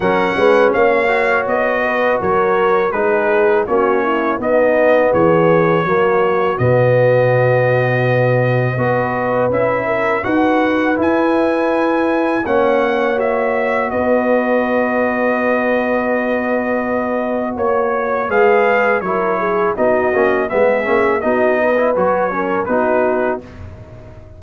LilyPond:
<<
  \new Staff \with { instrumentName = "trumpet" } { \time 4/4 \tempo 4 = 82 fis''4 f''4 dis''4 cis''4 | b'4 cis''4 dis''4 cis''4~ | cis''4 dis''2.~ | dis''4 e''4 fis''4 gis''4~ |
gis''4 fis''4 e''4 dis''4~ | dis''1 | cis''4 f''4 cis''4 dis''4 | e''4 dis''4 cis''4 b'4 | }
  \new Staff \with { instrumentName = "horn" } { \time 4/4 ais'8 b'8 cis''4. b'8 ais'4 | gis'4 fis'8 e'8 dis'4 gis'4 | fis'1 | b'4. ais'8 b'2~ |
b'4 cis''2 b'4~ | b'1 | cis''4 b'4 ais'8 gis'8 fis'4 | gis'4 fis'8 b'4 ais'8 fis'4 | }
  \new Staff \with { instrumentName = "trombone" } { \time 4/4 cis'4. fis'2~ fis'8 | dis'4 cis'4 b2 | ais4 b2. | fis'4 e'4 fis'4 e'4~ |
e'4 cis'4 fis'2~ | fis'1~ | fis'4 gis'4 e'4 dis'8 cis'8 | b8 cis'8 dis'8. e'16 fis'8 cis'8 dis'4 | }
  \new Staff \with { instrumentName = "tuba" } { \time 4/4 fis8 gis8 ais4 b4 fis4 | gis4 ais4 b4 e4 | fis4 b,2. | b4 cis'4 dis'4 e'4~ |
e'4 ais2 b4~ | b1 | ais4 gis4 fis4 b8 ais8 | gis8 ais8 b4 fis4 b4 | }
>>